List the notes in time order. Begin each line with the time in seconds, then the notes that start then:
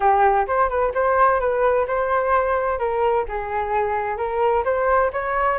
0.00 G4
0.47 C5
0.68 B4
0.94 C5
1.40 B4
1.87 C5
2.78 A#4
3.28 G#4
4.17 A#4
4.64 C5
5.12 C#5